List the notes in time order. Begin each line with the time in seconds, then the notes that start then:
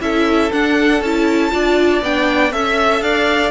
0.00 C#4 E4 A4 E5
0.51 D4 F#5
1.01 C#4 E4 A5
1.51 D4 F4 D5
2.01 B3 D4 G5
2.51 C#4 A4 E5
3.01 D4 D5 F5